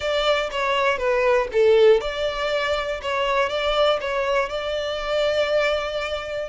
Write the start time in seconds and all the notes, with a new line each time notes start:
0.00 D5
0.51 C#5
0.97 B4
1.52 A4
2.00 D5
3.01 C#5
3.49 D5
4.00 C#5
4.49 D5